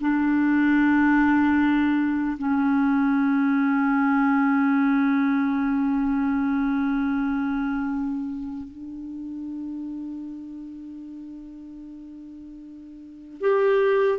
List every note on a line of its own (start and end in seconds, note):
0.00 2.37 D4
2.38 8.68 C#4
8.68 13.40 D4
13.40 14.19 G4